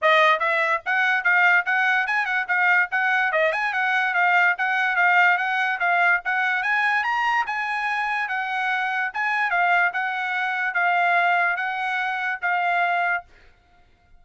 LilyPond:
\new Staff \with { instrumentName = "trumpet" } { \time 4/4 \tempo 4 = 145 dis''4 e''4 fis''4 f''4 | fis''4 gis''8 fis''8 f''4 fis''4 | dis''8 gis''8 fis''4 f''4 fis''4 | f''4 fis''4 f''4 fis''4 |
gis''4 ais''4 gis''2 | fis''2 gis''4 f''4 | fis''2 f''2 | fis''2 f''2 | }